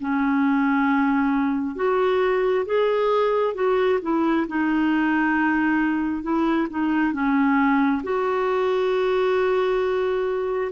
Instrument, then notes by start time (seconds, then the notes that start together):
clarinet
0.00 C#4
1.75 F#4
2.65 G#4
3.55 F#4
4.02 E4
4.47 D#4
6.23 E4
6.70 D#4
7.13 C#4
8.03 F#4